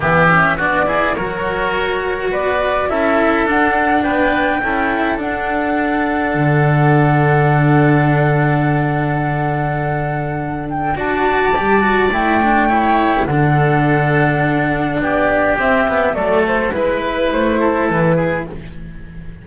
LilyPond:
<<
  \new Staff \with { instrumentName = "flute" } { \time 4/4 \tempo 4 = 104 e''4 d''4 cis''2 | d''4 e''4 fis''4 g''4~ | g''4 fis''2.~ | fis''1~ |
fis''2~ fis''8 g''8 a''4~ | a''4 g''2 fis''4~ | fis''2 d''4 e''4 | d''8 c''8 b'4 c''4 b'4 | }
  \new Staff \with { instrumentName = "oboe" } { \time 4/4 g'4 fis'8 gis'8 ais'2 | b'4 a'2 b'4 | a'1~ | a'1~ |
a'2. d''4~ | d''2 cis''4 a'4~ | a'2 g'2 | a'4 b'4. a'4 gis'8 | }
  \new Staff \with { instrumentName = "cello" } { \time 4/4 b8 cis'8 d'8 e'8 fis'2~ | fis'4 e'4 d'2 | e'4 d'2.~ | d'1~ |
d'2. fis'4 | g'8 fis'8 e'8 d'8 e'4 d'4~ | d'2. c'8 b8 | a4 e'2. | }
  \new Staff \with { instrumentName = "double bass" } { \time 4/4 e4 b4 fis2 | b4 cis'4 d'4 b4 | cis'4 d'2 d4~ | d1~ |
d2. d'4 | g4 a2 d4~ | d2 b4 c'4 | fis4 gis4 a4 e4 | }
>>